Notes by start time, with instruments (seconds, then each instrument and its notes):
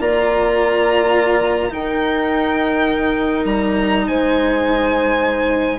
0.00 bassoon A#3, cello F4, horn D5, violin A#5
1.70 cello D#4, bassoon D#4, horn A#4, violin G5
3.45 bassoon G3, violin A#5
4.08 bassoon G#3, horn C5, violin G#5